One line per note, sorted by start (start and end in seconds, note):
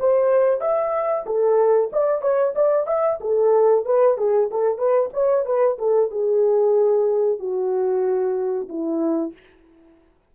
0.00 0.61 C5
0.61 1.25 E5
1.26 1.91 A4
1.93 2.22 D5
2.22 2.54 C#5
2.55 2.87 D5
2.87 3.19 E5
3.21 3.85 A4
3.86 4.18 B4
4.18 4.50 G#4
4.51 4.78 A4
4.78 5.11 B4
5.13 5.46 C#5
5.46 5.78 B4
5.79 6.11 A4
6.11 7.40 G#4
7.40 8.69 F#4
8.69 9.33 E4